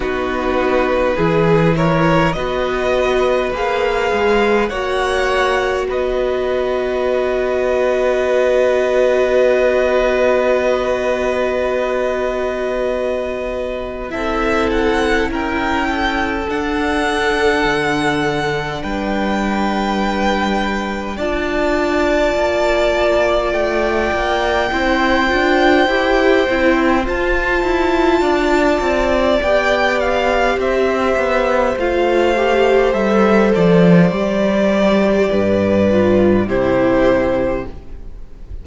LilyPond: <<
  \new Staff \with { instrumentName = "violin" } { \time 4/4 \tempo 4 = 51 b'4. cis''8 dis''4 f''4 | fis''4 dis''2.~ | dis''1 | e''8 fis''8 g''4 fis''2 |
g''2 a''2 | g''2. a''4~ | a''4 g''8 f''8 e''4 f''4 | e''8 d''2~ d''8 c''4 | }
  \new Staff \with { instrumentName = "violin" } { \time 4/4 fis'4 gis'8 ais'8 b'2 | cis''4 b'2.~ | b'1 | a'4 ais'8 a'2~ a'8 |
b'2 d''2~ | d''4 c''2. | d''2 c''2~ | c''2 b'4 g'4 | }
  \new Staff \with { instrumentName = "viola" } { \time 4/4 dis'4 e'4 fis'4 gis'4 | fis'1~ | fis'1 | e'2 d'2~ |
d'2 f'2~ | f'4 e'8 f'8 g'8 e'8 f'4~ | f'4 g'2 f'8 g'8 | a'4 g'4. f'8 e'4 | }
  \new Staff \with { instrumentName = "cello" } { \time 4/4 b4 e4 b4 ais8 gis8 | ais4 b2.~ | b1 | c'4 cis'4 d'4 d4 |
g2 d'4 ais4 | a8 ais8 c'8 d'8 e'8 c'8 f'8 e'8 | d'8 c'8 b4 c'8 b8 a4 | g8 f8 g4 g,4 c4 | }
>>